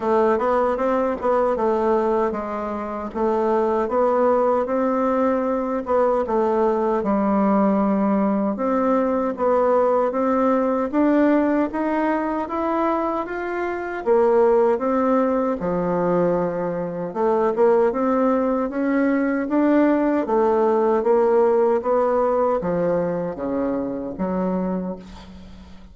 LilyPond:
\new Staff \with { instrumentName = "bassoon" } { \time 4/4 \tempo 4 = 77 a8 b8 c'8 b8 a4 gis4 | a4 b4 c'4. b8 | a4 g2 c'4 | b4 c'4 d'4 dis'4 |
e'4 f'4 ais4 c'4 | f2 a8 ais8 c'4 | cis'4 d'4 a4 ais4 | b4 f4 cis4 fis4 | }